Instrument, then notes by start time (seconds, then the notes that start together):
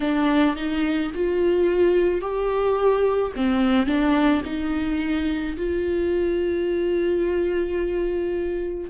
viola
0.00 D4
0.56 D#4
1.14 F4
2.21 G4
3.36 C4
3.86 D4
4.45 D#4
5.56 F4